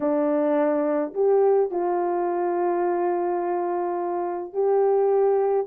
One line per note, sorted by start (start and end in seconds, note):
0.00 1.13 D4
1.14 1.70 G4
1.70 4.53 F4
4.53 5.66 G4